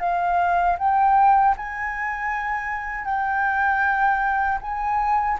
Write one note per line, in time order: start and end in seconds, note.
0.00 0.77 F5
0.79 1.56 G5
1.57 3.05 G#5
3.05 4.59 G5
4.62 5.38 G#5